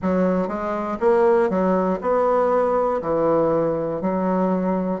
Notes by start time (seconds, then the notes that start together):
0.02 F#3
0.47 G#3
1.00 A#3
1.50 F#3
2.00 B3
3.01 E3
4.01 F#3